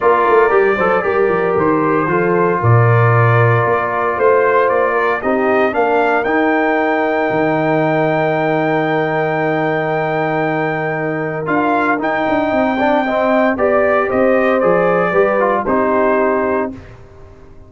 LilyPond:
<<
  \new Staff \with { instrumentName = "trumpet" } { \time 4/4 \tempo 4 = 115 d''2. c''4~ | c''4 d''2. | c''4 d''4 dis''4 f''4 | g''1~ |
g''1~ | g''2 f''4 g''4~ | g''2 d''4 dis''4 | d''2 c''2 | }
  \new Staff \with { instrumentName = "horn" } { \time 4/4 ais'4. c''8 ais'2 | a'4 ais'2. | c''4. ais'8 g'4 ais'4~ | ais'1~ |
ais'1~ | ais'1 | dis''8 d''8 dis''4 d''4 c''4~ | c''4 b'4 g'2 | }
  \new Staff \with { instrumentName = "trombone" } { \time 4/4 f'4 g'8 a'8 g'2 | f'1~ | f'2 dis'4 d'4 | dis'1~ |
dis'1~ | dis'2 f'4 dis'4~ | dis'8 d'8 c'4 g'2 | gis'4 g'8 f'8 dis'2 | }
  \new Staff \with { instrumentName = "tuba" } { \time 4/4 ais8 a8 g8 fis8 g8 f8 dis4 | f4 ais,2 ais4 | a4 ais4 c'4 ais4 | dis'2 dis2~ |
dis1~ | dis2 d'4 dis'8 d'8 | c'2 b4 c'4 | f4 g4 c'2 | }
>>